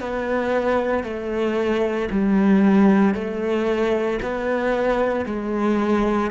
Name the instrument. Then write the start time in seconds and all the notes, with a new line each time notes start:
cello
0.00 B3
1.03 A3
2.11 G3
3.14 A3
4.22 B3
5.25 G#3